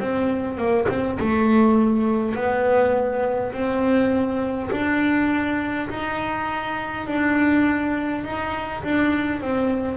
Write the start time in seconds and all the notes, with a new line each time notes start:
0.00 C4
0.58 A#3
0.89 C4
1.20 A3
2.35 B3
3.53 C4
4.72 D4
5.89 D#4
7.07 D4
8.25 D#4
8.83 D4
9.41 C4